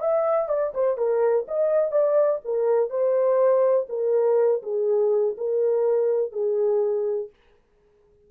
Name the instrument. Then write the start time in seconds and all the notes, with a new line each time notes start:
horn
0.00 E5
0.49 D5
0.74 C5
0.97 A#4
1.48 D#5
1.91 D5
2.45 A#4
2.89 C5
3.89 A#4
4.63 G#4
5.37 A#4
6.32 G#4